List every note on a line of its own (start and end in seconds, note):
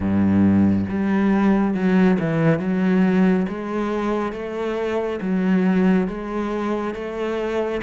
0.00 0.85 G2
0.89 1.74 G3
1.74 2.17 F#3
2.19 2.59 E3
2.59 3.46 F#3
3.48 4.32 G#3
4.32 5.19 A3
5.21 6.07 F#3
6.07 6.94 G#3
6.94 7.81 A3